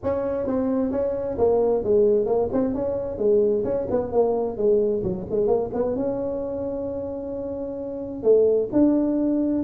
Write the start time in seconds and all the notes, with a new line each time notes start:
0.03 C#4
0.46 C4
0.91 C#4
1.37 A#3
1.83 G#3
2.25 A#3
2.52 C4
2.74 C#4
3.18 G#3
3.64 C#4
3.90 B3
4.12 A#3
4.57 G#3
5.03 F#3
5.30 G#3
5.47 A#3
5.73 B3
5.96 C#4
8.23 A3
8.72 D4